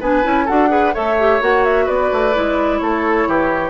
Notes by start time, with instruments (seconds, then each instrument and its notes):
0.00 bassoon B3, clarinet D4, oboe B4, flute G#5
0.23 bassoon C#4, clarinet E4
0.45 bassoon D4, clarinet F#4, oboe A4, flute F#5
0.69 clarinet G#4, oboe B4
0.94 bassoon A3, clarinet A4, oboe C#5, flute E5
1.19 clarinet G4
1.41 bassoon A#3, clarinet F#4, flute F#5
1.65 flute E5
1.85 bassoon B3, oboe B4, flute D5
2.13 bassoon A3
2.34 bassoon G#3, clarinet E4
2.78 bassoon A3, oboe A4, flute C#5
3.28 bassoon E3, oboe G4